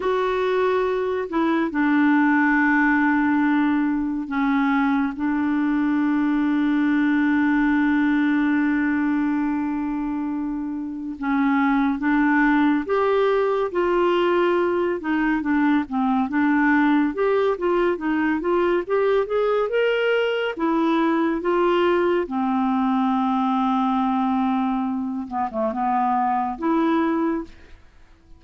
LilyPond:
\new Staff \with { instrumentName = "clarinet" } { \time 4/4 \tempo 4 = 70 fis'4. e'8 d'2~ | d'4 cis'4 d'2~ | d'1~ | d'4 cis'4 d'4 g'4 |
f'4. dis'8 d'8 c'8 d'4 | g'8 f'8 dis'8 f'8 g'8 gis'8 ais'4 | e'4 f'4 c'2~ | c'4. b16 a16 b4 e'4 | }